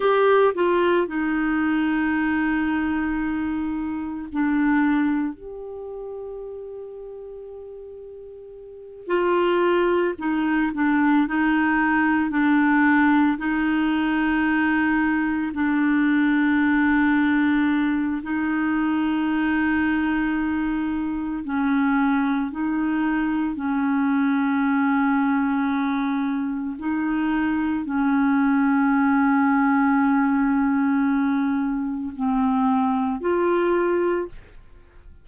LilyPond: \new Staff \with { instrumentName = "clarinet" } { \time 4/4 \tempo 4 = 56 g'8 f'8 dis'2. | d'4 g'2.~ | g'8 f'4 dis'8 d'8 dis'4 d'8~ | d'8 dis'2 d'4.~ |
d'4 dis'2. | cis'4 dis'4 cis'2~ | cis'4 dis'4 cis'2~ | cis'2 c'4 f'4 | }